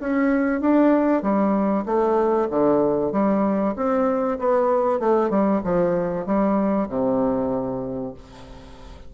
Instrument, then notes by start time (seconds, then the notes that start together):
bassoon
0.00 C#4
0.61 D4
1.22 G3
1.86 A3
2.50 D3
3.12 G3
3.76 C4
4.39 B3
5.00 A3
5.30 G3
5.64 F3
6.26 G3
6.89 C3